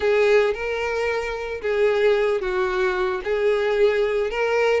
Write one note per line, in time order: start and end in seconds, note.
0.00 0.54 G#4
0.54 1.61 A#4
1.61 2.41 G#4
2.41 3.21 F#4
3.24 4.30 G#4
4.30 4.80 A#4